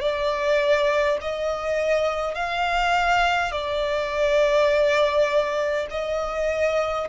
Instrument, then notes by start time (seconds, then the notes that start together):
violin
0.00 D5
1.21 D#5
2.34 F5
3.51 D5
5.90 D#5